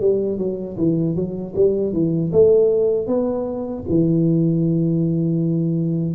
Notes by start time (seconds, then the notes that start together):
0.00 G3
0.38 F#3
0.77 E3
1.15 F#3
1.55 G3
1.93 E3
2.32 A3
3.07 B3
3.89 E3